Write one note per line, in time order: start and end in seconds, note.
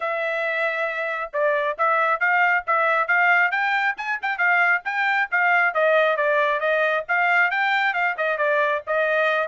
0.00 1.31 E5
1.33 1.77 D5
1.78 2.20 E5
2.20 2.64 F5
2.66 3.07 E5
3.07 3.51 F5
3.51 3.95 G5
3.97 4.19 G#5
4.22 4.38 G5
4.38 4.82 F5
4.84 5.29 G5
5.31 5.74 F5
5.74 6.16 D#5
6.16 6.60 D5
6.60 7.04 D#5
7.08 7.51 F5
7.51 7.93 G5
7.93 8.15 F5
8.17 8.37 D#5
8.37 8.81 D5
8.86 9.48 D#5